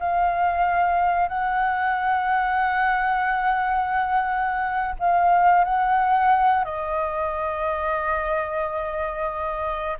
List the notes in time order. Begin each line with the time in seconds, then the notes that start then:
0.00 F5
1.29 F#5
5.00 F5
5.65 F#5
6.65 D#5